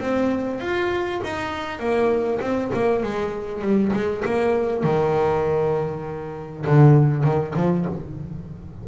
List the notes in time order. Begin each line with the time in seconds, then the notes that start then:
0.00 C4
0.61 F4
1.25 D#4
1.80 A#3
2.41 C4
2.74 A#3
3.04 G#3
3.62 G3
3.94 G#3
4.26 A#3
4.84 D#3
6.67 D3
7.25 D#3
7.56 F3